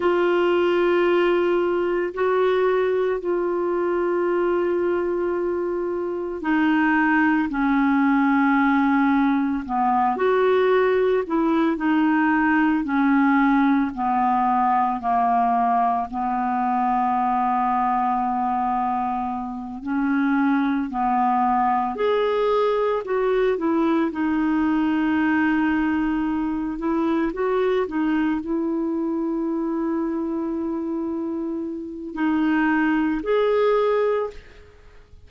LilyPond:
\new Staff \with { instrumentName = "clarinet" } { \time 4/4 \tempo 4 = 56 f'2 fis'4 f'4~ | f'2 dis'4 cis'4~ | cis'4 b8 fis'4 e'8 dis'4 | cis'4 b4 ais4 b4~ |
b2~ b8 cis'4 b8~ | b8 gis'4 fis'8 e'8 dis'4.~ | dis'4 e'8 fis'8 dis'8 e'4.~ | e'2 dis'4 gis'4 | }